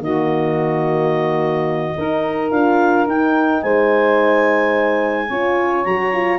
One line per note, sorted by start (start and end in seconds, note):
0.00 1.94 D#3
0.00 1.95 A#3
0.00 1.97 F#4
0.00 2.51 D#5
1.96 2.52 D#4
1.96 3.63 A#4
2.51 3.07 D4
2.51 3.07 F4
2.51 3.07 F5
3.07 5.29 D#4
3.07 3.63 D#4
3.07 3.62 G5
3.62 5.30 G#3
3.62 5.28 C5
3.62 5.85 G#5
5.28 5.86 C#4
5.28 5.86 F4
5.28 6.39 C#5
5.85 6.39 F#3
5.85 6.13 F#4
5.85 6.39 A#5
6.13 6.39 F4